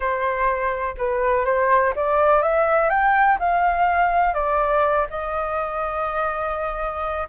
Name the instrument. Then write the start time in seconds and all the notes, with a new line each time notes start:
flute
0.00 C5
0.97 B4
1.45 C5
1.95 D5
2.42 E5
2.89 G5
3.39 F5
4.34 D5
5.10 D#5